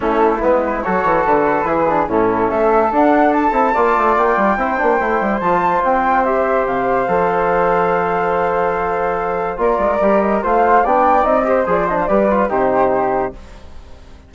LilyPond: <<
  \new Staff \with { instrumentName = "flute" } { \time 4/4 \tempo 4 = 144 a'4 b'4 cis''4 b'4~ | b'4 a'4 e''4 fis''4 | a''2 g''2~ | g''4 a''4 g''4 e''4 |
f''1~ | f''2. d''4~ | d''8 dis''8 f''4 g''4 dis''4 | d''8 dis''16 f''16 d''4 c''2 | }
  \new Staff \with { instrumentName = "flute" } { \time 4/4 e'2 a'2 | gis'4 e'4 a'2~ | a'4 d''2 c''4~ | c''1~ |
c''1~ | c''2. ais'4~ | ais'4 c''4 d''4. c''8~ | c''4 b'4 g'2 | }
  \new Staff \with { instrumentName = "trombone" } { \time 4/4 cis'4 b4 fis'2 | e'8 d'8 cis'2 d'4~ | d'8 e'8 f'2 e'8 d'8 | e'4 f'2 g'4~ |
g'4 a'2.~ | a'2. f'4 | g'4 f'4 d'4 dis'8 g'8 | gis'8 d'8 g'8 f'8 dis'2 | }
  \new Staff \with { instrumentName = "bassoon" } { \time 4/4 a4 gis4 fis8 e8 d4 | e4 a,4 a4 d'4~ | d'8 c'8 ais8 a8 ais8 g8 c'8 ais8 | a8 g8 f4 c'2 |
c4 f2.~ | f2. ais8 gis8 | g4 a4 b4 c'4 | f4 g4 c2 | }
>>